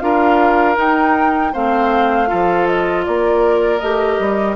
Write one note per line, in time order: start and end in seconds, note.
0.00 0.77 D4
0.00 0.76 F4
0.00 1.53 A#4
0.00 0.76 F5
0.76 1.52 D#4
0.76 1.53 D#4
0.76 1.55 G5
1.53 2.31 A3
1.53 2.27 C4
1.53 2.29 C5
1.53 2.67 F5
2.27 3.08 F3
2.27 3.79 F4
2.27 3.05 A4
2.67 3.05 D#5
3.06 3.82 A#3
3.06 4.56 A#4
3.06 3.79 D5
3.79 4.20 A3
3.79 4.56 G4
3.79 4.55 D#5
4.20 4.56 G3